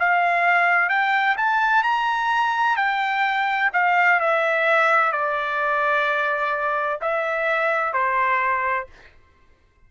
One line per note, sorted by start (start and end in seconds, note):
0.00 0.89 F5
0.89 1.36 G5
1.38 1.84 A5
1.84 2.77 A#5
2.77 3.71 G5
3.74 4.21 F5
4.21 5.12 E5
5.12 7.00 D5
7.01 7.93 E5
7.93 8.87 C5